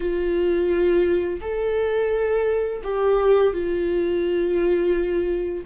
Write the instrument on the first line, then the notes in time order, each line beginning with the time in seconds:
viola
0.00 F4
1.40 A4
2.83 G4
3.53 F4